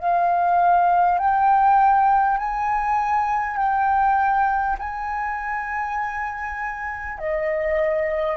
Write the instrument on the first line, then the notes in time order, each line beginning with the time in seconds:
flute
0.00 F5
1.19 G5
2.38 G#5
3.57 G5
4.79 G#5
7.19 D#5